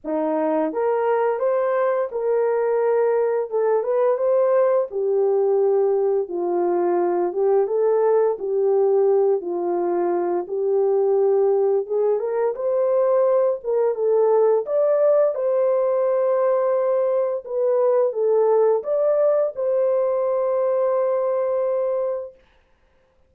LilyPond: \new Staff \with { instrumentName = "horn" } { \time 4/4 \tempo 4 = 86 dis'4 ais'4 c''4 ais'4~ | ais'4 a'8 b'8 c''4 g'4~ | g'4 f'4. g'8 a'4 | g'4. f'4. g'4~ |
g'4 gis'8 ais'8 c''4. ais'8 | a'4 d''4 c''2~ | c''4 b'4 a'4 d''4 | c''1 | }